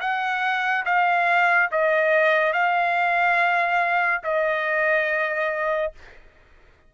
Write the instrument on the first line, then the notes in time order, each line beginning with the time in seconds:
trumpet
0.00 F#5
0.85 F5
1.71 D#5
2.53 F5
4.23 D#5